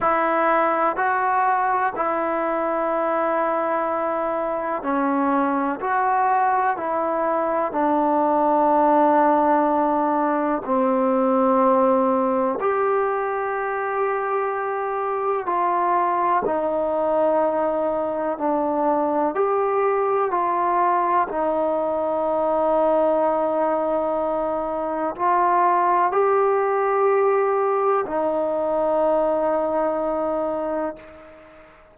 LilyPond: \new Staff \with { instrumentName = "trombone" } { \time 4/4 \tempo 4 = 62 e'4 fis'4 e'2~ | e'4 cis'4 fis'4 e'4 | d'2. c'4~ | c'4 g'2. |
f'4 dis'2 d'4 | g'4 f'4 dis'2~ | dis'2 f'4 g'4~ | g'4 dis'2. | }